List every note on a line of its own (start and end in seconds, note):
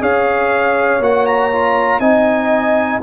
0.00 0.99 C#4
0.00 1.00 G#4
0.00 2.00 C#5
0.00 1.02 F5
0.99 1.99 A#3
0.99 1.51 F#4
0.99 1.26 F#5
1.26 2.00 A#5
1.52 2.01 F4
1.99 2.99 C4
1.99 3.01 D#4
1.99 3.00 D#5
1.99 3.00 G#5